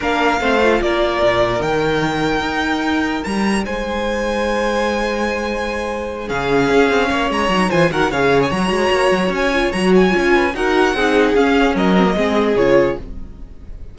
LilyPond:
<<
  \new Staff \with { instrumentName = "violin" } { \time 4/4 \tempo 4 = 148 f''2 d''2 | g''1 | ais''4 gis''2.~ | gis''2.~ gis''8 f''8~ |
f''2 ais''4 gis''8 fis''8 | f''8. gis''16 ais''2 gis''4 | ais''8 gis''4. fis''2 | f''4 dis''2 cis''4 | }
  \new Staff \with { instrumentName = "violin" } { \time 4/4 ais'4 c''4 ais'2~ | ais'1~ | ais'4 c''2.~ | c''2.~ c''8 gis'8~ |
gis'4. cis''4. c''8 ais'8 | cis''1~ | cis''4. b'8 ais'4 gis'4~ | gis'4 ais'4 gis'2 | }
  \new Staff \with { instrumentName = "viola" } { \time 4/4 d'4 c'8 f'2~ f'8 | dis'1~ | dis'1~ | dis'2.~ dis'8 cis'8~ |
cis'2~ cis'8 dis'8 f'8 fis'8 | gis'4 fis'2~ fis'8 f'8 | fis'4 f'4 fis'4 dis'4 | cis'4. c'16 ais16 c'4 f'4 | }
  \new Staff \with { instrumentName = "cello" } { \time 4/4 ais4 a4 ais4 ais,4 | dis2 dis'2 | g4 gis2.~ | gis2.~ gis8 cis8~ |
cis8 cis'8 c'8 ais8 gis8 fis8 e8 dis8 | cis4 fis8 gis8 ais8 fis8 cis'4 | fis4 cis'4 dis'4 c'4 | cis'4 fis4 gis4 cis4 | }
>>